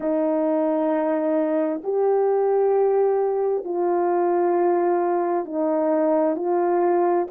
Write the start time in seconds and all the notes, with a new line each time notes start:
0.00 D#4
1.83 G4
3.64 F4
5.45 D#4
6.36 F4